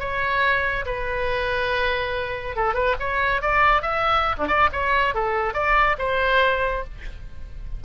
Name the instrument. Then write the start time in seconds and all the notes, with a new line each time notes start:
oboe
0.00 C#5
0.86 B4
2.57 A4
2.74 B4
3.00 C#5
3.42 D5
3.83 E5
4.38 D4
4.48 D5
4.73 C#5
5.15 A4
5.54 D5
5.99 C5